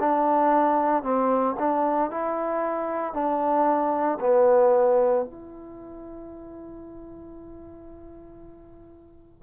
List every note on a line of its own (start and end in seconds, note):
0.00 1.03 D4
1.03 1.56 C4
1.59 2.11 D4
2.11 3.14 E4
3.14 4.19 D4
4.21 5.25 B3
5.25 9.43 E4